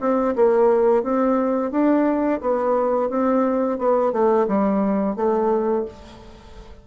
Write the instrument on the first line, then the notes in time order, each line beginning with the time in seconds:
bassoon
0.00 C4
0.35 A#3
1.03 C4
1.71 D4
2.40 B3
3.09 C4
3.78 B3
4.12 A3
4.47 G3
5.16 A3